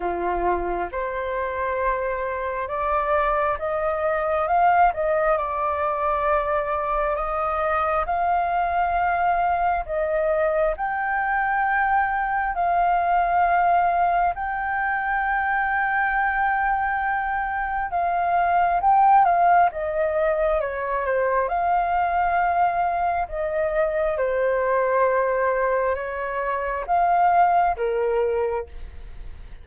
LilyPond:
\new Staff \with { instrumentName = "flute" } { \time 4/4 \tempo 4 = 67 f'4 c''2 d''4 | dis''4 f''8 dis''8 d''2 | dis''4 f''2 dis''4 | g''2 f''2 |
g''1 | f''4 g''8 f''8 dis''4 cis''8 c''8 | f''2 dis''4 c''4~ | c''4 cis''4 f''4 ais'4 | }